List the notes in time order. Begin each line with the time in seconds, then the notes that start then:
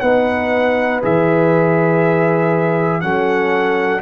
0.00 B3 D#4 B4 F#5
1.02 E3 G#4 E5
3.01 F#3 C#4 A4 F#5